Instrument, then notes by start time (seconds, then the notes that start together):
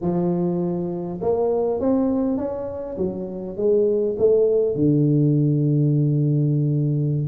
tuba
0.01 F3
1.21 A#3
1.80 C4
2.37 C#4
2.97 F#3
3.56 G#3
4.18 A3
4.75 D3